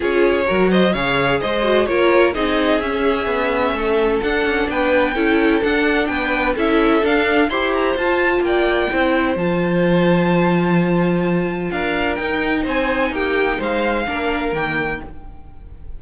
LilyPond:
<<
  \new Staff \with { instrumentName = "violin" } { \time 4/4 \tempo 4 = 128 cis''4. dis''8 f''4 dis''4 | cis''4 dis''4 e''2~ | e''4 fis''4 g''2 | fis''4 g''4 e''4 f''4 |
c'''8 ais''8 a''4 g''2 | a''1~ | a''4 f''4 g''4 gis''4 | g''4 f''2 g''4 | }
  \new Staff \with { instrumentName = "violin" } { \time 4/4 gis'4 ais'8 c''8 cis''4 c''4 | ais'4 gis'2. | a'2 b'4 a'4~ | a'4 b'4 a'2 |
c''2 d''4 c''4~ | c''1~ | c''4 ais'2 c''4 | g'4 c''4 ais'2 | }
  \new Staff \with { instrumentName = "viola" } { \time 4/4 f'4 fis'4 gis'4. fis'8 | f'4 dis'4 cis'2~ | cis'4 d'2 e'4 | d'2 e'4 d'4 |
g'4 f'2 e'4 | f'1~ | f'2 dis'2~ | dis'2 d'4 ais4 | }
  \new Staff \with { instrumentName = "cello" } { \time 4/4 cis'4 fis4 cis4 gis4 | ais4 c'4 cis'4 b4 | a4 d'8 cis'8 b4 cis'4 | d'4 b4 cis'4 d'4 |
e'4 f'4 ais4 c'4 | f1~ | f4 d'4 dis'4 c'4 | ais4 gis4 ais4 dis4 | }
>>